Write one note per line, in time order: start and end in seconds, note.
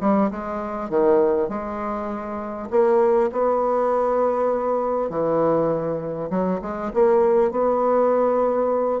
0.00 0.30 G3
0.30 0.89 G#3
0.89 1.48 D#3
1.48 2.68 G#3
2.70 3.30 A#3
3.32 5.09 B3
5.09 6.29 E3
6.29 6.59 F#3
6.61 6.91 G#3
6.93 7.51 A#3
7.51 9.00 B3